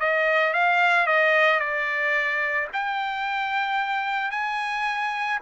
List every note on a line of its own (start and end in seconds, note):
0.00 0.54 D#5
0.54 1.07 F5
1.07 1.60 D#5
1.60 2.68 D5
2.73 4.31 G5
4.31 5.39 G#5